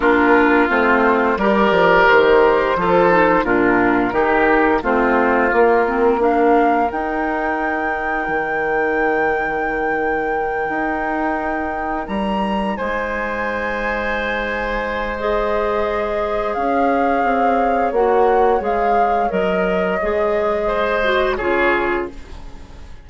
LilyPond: <<
  \new Staff \with { instrumentName = "flute" } { \time 4/4 \tempo 4 = 87 ais'4 c''4 d''4 c''4~ | c''4 ais'2 c''4 | ais'4 f''4 g''2~ | g''1~ |
g''4. ais''4 gis''4.~ | gis''2 dis''2 | f''2 fis''4 f''4 | dis''2. cis''4 | }
  \new Staff \with { instrumentName = "oboe" } { \time 4/4 f'2 ais'2 | a'4 f'4 g'4 f'4~ | f'4 ais'2.~ | ais'1~ |
ais'2~ ais'8 c''4.~ | c''1 | cis''1~ | cis''2 c''4 gis'4 | }
  \new Staff \with { instrumentName = "clarinet" } { \time 4/4 d'4 c'4 g'2 | f'8 dis'8 d'4 dis'4 c'4 | ais8 c'8 d'4 dis'2~ | dis'1~ |
dis'1~ | dis'2 gis'2~ | gis'2 fis'4 gis'4 | ais'4 gis'4. fis'8 f'4 | }
  \new Staff \with { instrumentName = "bassoon" } { \time 4/4 ais4 a4 g8 f8 dis4 | f4 ais,4 dis4 a4 | ais2 dis'2 | dis2.~ dis8 dis'8~ |
dis'4. g4 gis4.~ | gis1 | cis'4 c'4 ais4 gis4 | fis4 gis2 cis4 | }
>>